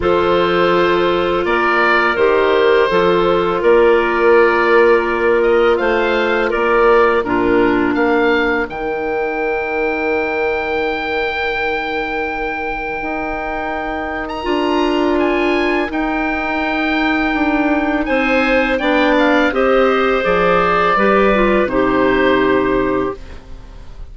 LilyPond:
<<
  \new Staff \with { instrumentName = "oboe" } { \time 4/4 \tempo 4 = 83 c''2 d''4 c''4~ | c''4 d''2~ d''8 dis''8 | f''4 d''4 ais'4 f''4 | g''1~ |
g''2.~ g''8. ais''16~ | ais''4 gis''4 g''2~ | g''4 gis''4 g''8 f''8 dis''4 | d''2 c''2 | }
  \new Staff \with { instrumentName = "clarinet" } { \time 4/4 a'2 ais'2 | a'4 ais'2. | c''4 ais'4 f'4 ais'4~ | ais'1~ |
ais'1~ | ais'1~ | ais'4 c''4 d''4 c''4~ | c''4 b'4 g'2 | }
  \new Staff \with { instrumentName = "clarinet" } { \time 4/4 f'2. g'4 | f'1~ | f'2 d'2 | dis'1~ |
dis'1 | f'2 dis'2~ | dis'2 d'4 g'4 | gis'4 g'8 f'8 dis'2 | }
  \new Staff \with { instrumentName = "bassoon" } { \time 4/4 f2 ais4 dis4 | f4 ais2. | a4 ais4 ais,4 ais4 | dis1~ |
dis2 dis'2 | d'2 dis'2 | d'4 c'4 b4 c'4 | f4 g4 c2 | }
>>